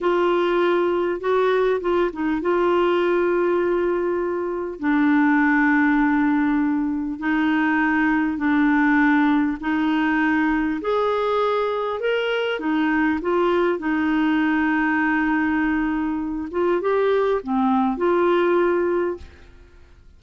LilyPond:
\new Staff \with { instrumentName = "clarinet" } { \time 4/4 \tempo 4 = 100 f'2 fis'4 f'8 dis'8 | f'1 | d'1 | dis'2 d'2 |
dis'2 gis'2 | ais'4 dis'4 f'4 dis'4~ | dis'2.~ dis'8 f'8 | g'4 c'4 f'2 | }